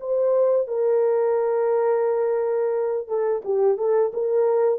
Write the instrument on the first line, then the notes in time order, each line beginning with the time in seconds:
horn
0.00 C5
0.67 A#4
3.08 A4
3.45 G4
3.77 A4
4.13 A#4